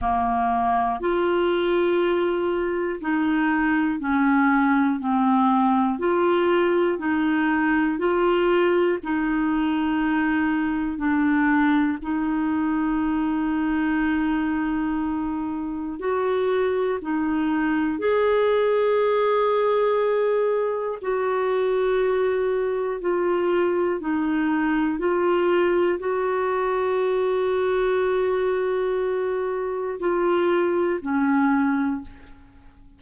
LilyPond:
\new Staff \with { instrumentName = "clarinet" } { \time 4/4 \tempo 4 = 60 ais4 f'2 dis'4 | cis'4 c'4 f'4 dis'4 | f'4 dis'2 d'4 | dis'1 |
fis'4 dis'4 gis'2~ | gis'4 fis'2 f'4 | dis'4 f'4 fis'2~ | fis'2 f'4 cis'4 | }